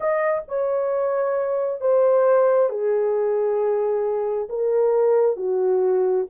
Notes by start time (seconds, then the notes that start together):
0.00 D#5
0.48 C#5
1.80 C5
2.69 G#4
4.49 A#4
5.36 F#4